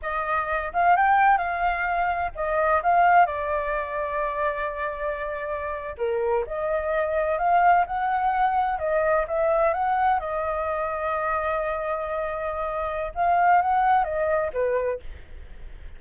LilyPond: \new Staff \with { instrumentName = "flute" } { \time 4/4 \tempo 4 = 128 dis''4. f''8 g''4 f''4~ | f''4 dis''4 f''4 d''4~ | d''1~ | d''8. ais'4 dis''2 f''16~ |
f''8. fis''2 dis''4 e''16~ | e''8. fis''4 dis''2~ dis''16~ | dis''1 | f''4 fis''4 dis''4 b'4 | }